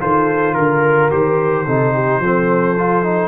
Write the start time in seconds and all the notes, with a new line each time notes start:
0.00 D#3 F4 A4 C5
0.54 D3 A#4
1.11 D#3 G4 C5
1.66 C3 D#4 A4
1.94 G4
2.19 F3 C4 A4
2.78 F4
3.03 D#4